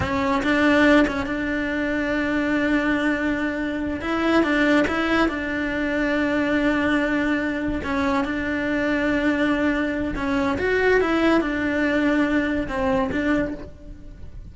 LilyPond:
\new Staff \with { instrumentName = "cello" } { \time 4/4 \tempo 4 = 142 cis'4 d'4. cis'8 d'4~ | d'1~ | d'4. e'4 d'4 e'8~ | e'8 d'2.~ d'8~ |
d'2~ d'8 cis'4 d'8~ | d'1 | cis'4 fis'4 e'4 d'4~ | d'2 c'4 d'4 | }